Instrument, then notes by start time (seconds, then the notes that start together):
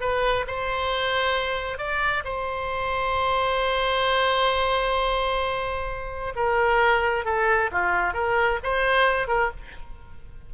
oboe
0.00 B4
0.47 C5
1.78 D5
2.24 C5
6.35 A#4
7.25 A4
7.71 F4
8.13 A#4
8.63 C5
9.27 A#4